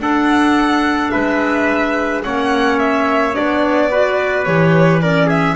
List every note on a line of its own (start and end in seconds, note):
0.00 1.11 D4
0.00 2.24 D4
0.00 1.12 A4
0.00 1.10 F#5
1.10 2.26 G#3
1.10 2.24 B4
1.10 2.22 E5
2.24 3.37 A#3
2.24 3.34 C#4
2.24 3.91 C#5
2.24 2.79 F#5
2.79 3.35 E5
3.34 4.47 B3
3.34 3.89 D4
3.34 4.44 D5
3.91 4.46 F#4
3.91 5.02 B4
4.44 5.56 E3
4.44 5.01 G4
4.44 5.00 C#5
5.02 5.56 C#4
5.02 5.27 A#4
5.02 5.30 D5
5.27 5.54 G#4
5.27 5.56 E5